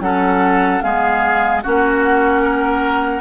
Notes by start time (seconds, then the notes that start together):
0.00 F#3 C#4 A4 F#5
0.81 G#3 B3 G#4 F5
1.63 A#3 C#4 F#4 F#5
2.42 A#4